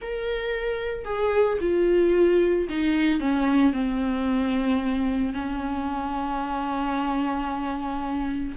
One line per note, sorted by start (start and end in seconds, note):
0.01 1.04 A#4
1.04 1.58 G#4
1.60 2.68 F4
2.69 3.20 D#4
3.20 3.73 C#4
3.73 5.33 C4
5.33 8.55 C#4